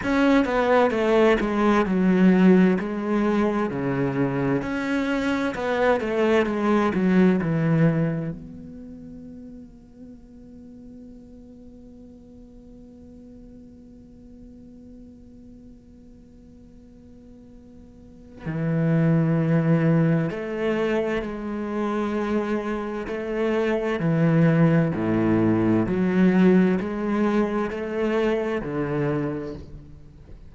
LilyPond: \new Staff \with { instrumentName = "cello" } { \time 4/4 \tempo 4 = 65 cis'8 b8 a8 gis8 fis4 gis4 | cis4 cis'4 b8 a8 gis8 fis8 | e4 b2.~ | b1~ |
b1 | e2 a4 gis4~ | gis4 a4 e4 a,4 | fis4 gis4 a4 d4 | }